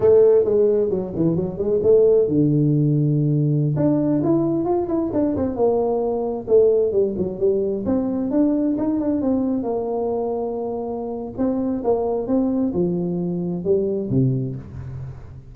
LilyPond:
\new Staff \with { instrumentName = "tuba" } { \time 4/4 \tempo 4 = 132 a4 gis4 fis8 e8 fis8 gis8 | a4 d2.~ | d16 d'4 e'4 f'8 e'8 d'8 c'16~ | c'16 ais2 a4 g8 fis16~ |
fis16 g4 c'4 d'4 dis'8 d'16~ | d'16 c'4 ais2~ ais8.~ | ais4 c'4 ais4 c'4 | f2 g4 c4 | }